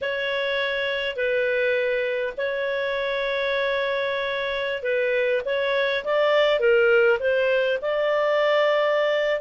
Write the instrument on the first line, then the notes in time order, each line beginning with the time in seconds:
clarinet
0.01 C#5
1.16 B4
2.37 C#5
4.82 B4
5.45 C#5
6.04 D5
6.59 A#4
7.19 C5
7.81 D5